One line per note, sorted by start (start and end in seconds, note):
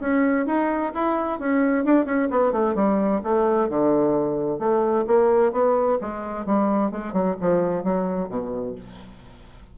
0.00 0.46 C#4
0.46 0.92 D#4
0.94 1.39 E4
1.39 1.84 C#4
1.84 2.05 D4
2.05 2.28 C#4
2.30 2.52 B3
2.52 2.75 A3
2.75 3.21 G3
3.23 3.68 A3
3.68 4.58 D3
4.58 5.05 A3
5.07 5.52 A#3
5.52 5.98 B3
6.00 6.45 G#3
6.45 6.91 G3
6.91 7.12 G#3
7.12 7.36 F#3
7.40 7.83 F3
7.83 8.28 F#3
8.28 8.75 B2